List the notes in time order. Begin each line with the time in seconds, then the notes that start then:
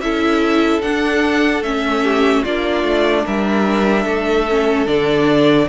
0.00 C#4 E4 A4 E5
0.81 D4 F#5
1.62 A3 C#4 E5
2.03 G4
2.42 A#3 D4 F4 D5
2.83 A3
3.26 G3 A#4 E5
4.03 A3 A4
4.49 C#4
4.86 D3 D4 D5